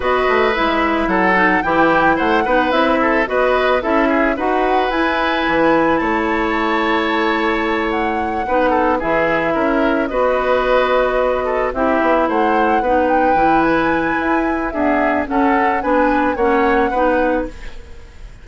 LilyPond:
<<
  \new Staff \with { instrumentName = "flute" } { \time 4/4 \tempo 4 = 110 dis''4 e''4 fis''4 g''4 | fis''4 e''4 dis''4 e''4 | fis''4 gis''2 a''4~ | a''2~ a''8 fis''4.~ |
fis''8 e''2 dis''4.~ | dis''4. e''4 fis''4. | g''4 gis''2 e''4 | fis''4 gis''4 fis''2 | }
  \new Staff \with { instrumentName = "oboe" } { \time 4/4 b'2 a'4 g'4 | c''8 b'4 a'8 b'4 a'8 gis'8 | b'2. cis''4~ | cis''2.~ cis''8 b'8 |
a'8 gis'4 ais'4 b'4.~ | b'4 a'8 g'4 c''4 b'8~ | b'2. gis'4 | a'4 b'4 cis''4 b'4 | }
  \new Staff \with { instrumentName = "clarinet" } { \time 4/4 fis'4 e'4. dis'8 e'4~ | e'8 dis'8 e'4 fis'4 e'4 | fis'4 e'2.~ | e'2.~ e'8 dis'8~ |
dis'8 e'2 fis'4.~ | fis'4. e'2 dis'8~ | dis'8 e'2~ e'8 b4 | cis'4 d'4 cis'4 dis'4 | }
  \new Staff \with { instrumentName = "bassoon" } { \time 4/4 b8 a8 gis4 fis4 e4 | a8 b8 c'4 b4 cis'4 | dis'4 e'4 e4 a4~ | a2.~ a8 b8~ |
b8 e4 cis'4 b4.~ | b4. c'8 b8 a4 b8~ | b8 e4. e'4 d'4 | cis'4 b4 ais4 b4 | }
>>